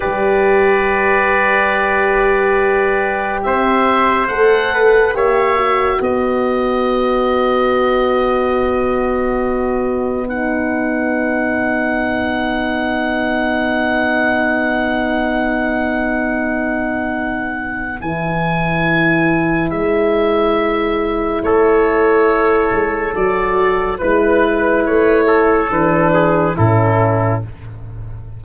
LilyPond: <<
  \new Staff \with { instrumentName = "oboe" } { \time 4/4 \tempo 4 = 70 d''1 | e''4 fis''4 e''4 dis''4~ | dis''1 | fis''1~ |
fis''1~ | fis''4 gis''2 e''4~ | e''4 cis''2 d''4 | b'4 cis''4 b'4 a'4 | }
  \new Staff \with { instrumentName = "trumpet" } { \time 4/4 b'1 | c''4. b'8 cis''4 b'4~ | b'1~ | b'1~ |
b'1~ | b'1~ | b'4 a'2. | b'4. a'4 gis'8 e'4 | }
  \new Staff \with { instrumentName = "horn" } { \time 4/4 g'1~ | g'4 a'4 g'8 fis'4.~ | fis'1 | dis'1~ |
dis'1~ | dis'4 e'2.~ | e'2. fis'4 | e'2 d'4 cis'4 | }
  \new Staff \with { instrumentName = "tuba" } { \time 4/4 g1 | c'4 a4 ais4 b4~ | b1~ | b1~ |
b1~ | b4 e2 gis4~ | gis4 a4. gis8 fis4 | gis4 a4 e4 a,4 | }
>>